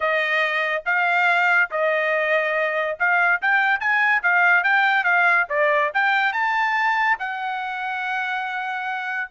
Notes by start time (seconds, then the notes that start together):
0.00 D#5
0.85 F5
1.71 D#5
2.99 F5
3.41 G5
3.79 G#5
4.23 F5
4.63 G5
5.04 F5
5.49 D5
5.94 G5
6.33 A5
7.19 F#5